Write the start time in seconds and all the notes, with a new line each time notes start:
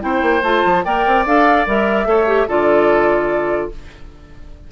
0.00 C4 E4 C5 G5
0.22 A#3
0.43 A3 F4 A5
0.65 F3
0.84 A#3 A#4 D5 G5
1.06 C4
1.25 D4 A4 F5
1.66 G3 A#4 E5
2.05 A3 A4 C#5
2.26 G4
2.47 D3 F4 A4 D5